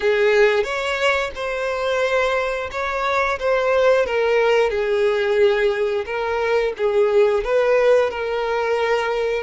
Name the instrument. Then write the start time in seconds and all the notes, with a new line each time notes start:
violin
0.00 G#4
0.63 C#5
1.35 C5
2.71 C#5
3.39 C5
4.06 A#4
4.69 G#4
6.05 A#4
6.77 G#4
7.43 B4
8.10 A#4